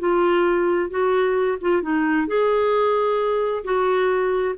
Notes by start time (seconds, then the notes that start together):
0.00 F4
0.90 F#4
1.62 F4
1.83 D#4
2.28 G#4
3.65 F#4